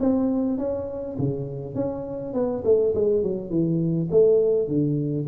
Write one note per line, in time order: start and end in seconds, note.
0.00 0.58 C4
0.58 1.17 C#4
1.18 1.74 C#3
1.74 2.33 C#4
2.33 2.63 B3
2.64 2.94 A3
2.94 3.22 G#3
3.22 3.50 F#3
3.50 4.09 E3
4.11 4.68 A3
4.68 5.26 D3